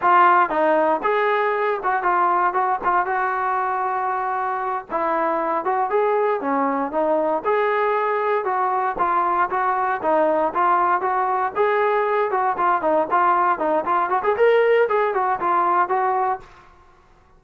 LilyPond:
\new Staff \with { instrumentName = "trombone" } { \time 4/4 \tempo 4 = 117 f'4 dis'4 gis'4. fis'8 | f'4 fis'8 f'8 fis'2~ | fis'4. e'4. fis'8 gis'8~ | gis'8 cis'4 dis'4 gis'4.~ |
gis'8 fis'4 f'4 fis'4 dis'8~ | dis'8 f'4 fis'4 gis'4. | fis'8 f'8 dis'8 f'4 dis'8 f'8 fis'16 gis'16 | ais'4 gis'8 fis'8 f'4 fis'4 | }